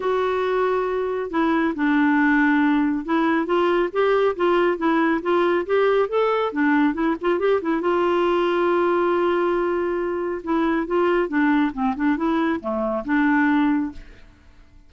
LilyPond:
\new Staff \with { instrumentName = "clarinet" } { \time 4/4 \tempo 4 = 138 fis'2. e'4 | d'2. e'4 | f'4 g'4 f'4 e'4 | f'4 g'4 a'4 d'4 |
e'8 f'8 g'8 e'8 f'2~ | f'1 | e'4 f'4 d'4 c'8 d'8 | e'4 a4 d'2 | }